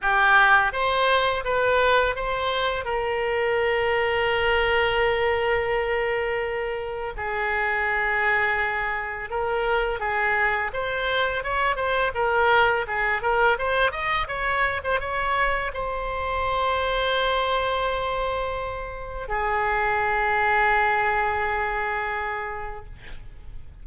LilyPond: \new Staff \with { instrumentName = "oboe" } { \time 4/4 \tempo 4 = 84 g'4 c''4 b'4 c''4 | ais'1~ | ais'2 gis'2~ | gis'4 ais'4 gis'4 c''4 |
cis''8 c''8 ais'4 gis'8 ais'8 c''8 dis''8 | cis''8. c''16 cis''4 c''2~ | c''2. gis'4~ | gis'1 | }